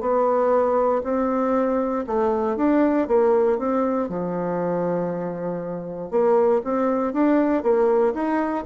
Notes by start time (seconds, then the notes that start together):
0.00 B3
1.04 C4
2.07 A3
2.57 D4
3.07 A#3
3.58 C4
4.09 F3
6.11 A#3
6.64 C4
7.13 D4
7.63 A#3
8.14 D#4